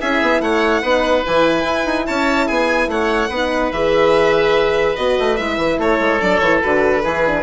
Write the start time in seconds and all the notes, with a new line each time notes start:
0.00 C#4 E4 G#4 E5
0.21 B3
0.40 A3 C#5 F#5
0.81 B3 D#4 B4
1.25 E3 E4 G#5
1.64 E4
1.85 D#4
2.06 C#4 C#5 A5
2.46 B3 G#4 G#5
2.87 A3 C#5 F#5
3.29 B3 D#4 B4
3.71 E3 G#4 E5
4.95 B3 F#4 D#5
5.18 A3
5.36 G#3 E4 E5
5.57 E3
5.78 A3 A4 C#5
6.00 G#3
6.21 F#3 D4 D5
6.38 E3 E4 C#5
6.61 D3 F#4 B4
7.03 E3 E4 G#4
7.26 D4